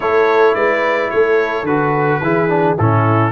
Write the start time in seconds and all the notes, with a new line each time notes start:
0.00 A3 E4 A4 C#5
0.55 G#3 B4 D5
1.10 A3 A4 C#5
1.63 D3 F#4 B4
2.21 E3 E4 G#4
2.48 D4
2.78 A2 C#4 E4 A4